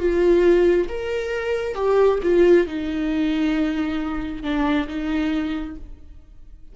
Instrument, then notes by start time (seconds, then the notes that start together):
viola
0.00 F4
0.89 A#4
1.75 G4
2.23 F4
2.67 D#4
4.43 D4
4.88 D#4